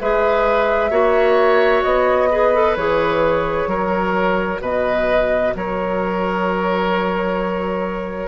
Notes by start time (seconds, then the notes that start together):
0.00 G#3 G#4 B4 E5
0.90 A#3 F#4 C#5
1.83 B3 D#5
2.31 G#4 B4
2.54 A4
2.75 E3 G#4 C#5
3.66 F#3 F#4 A#4
4.60 B2 B4 D#5
5.54 F#3 A#4 C#5